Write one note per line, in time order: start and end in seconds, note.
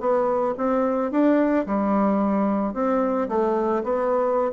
0.00 0.55 B3
0.57 1.11 C4
1.11 1.66 D4
1.66 2.73 G3
2.73 3.28 C4
3.28 3.83 A3
3.83 4.51 B3